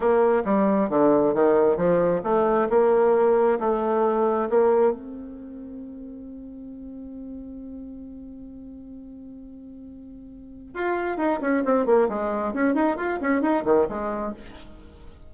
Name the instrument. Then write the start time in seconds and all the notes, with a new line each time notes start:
bassoon
0.00 A#3
0.45 G3
0.89 D3
1.34 D#3
1.76 F3
2.23 A3
2.69 A#3
3.59 A3
4.49 A#3
4.92 C4
10.74 F4
11.17 D#4
11.41 C#4
11.64 C4
11.86 A#3
12.09 G#3
12.53 C#4
12.74 D#4
12.96 F4
13.21 C#4
13.41 D#4
13.64 D#3
13.88 G#3